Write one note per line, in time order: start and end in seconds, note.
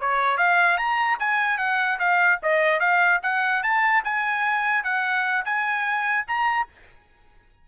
0.00 0.37 C#5
0.37 0.77 F5
0.77 1.18 A#5
1.19 1.58 G#5
1.58 1.98 F#5
1.99 2.39 F5
2.42 2.79 D#5
2.79 3.20 F5
3.23 3.63 F#5
3.63 4.03 A5
4.04 4.84 G#5
4.84 5.45 F#5
5.45 6.26 G#5
6.27 6.68 A#5